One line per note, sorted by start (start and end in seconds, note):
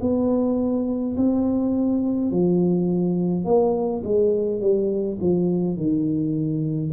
0.00 1.15 B3
1.16 2.31 C4
2.31 3.44 F3
3.44 4.02 A#3
4.04 4.60 G#3
4.60 5.18 G3
5.20 5.76 F3
5.76 6.92 D#3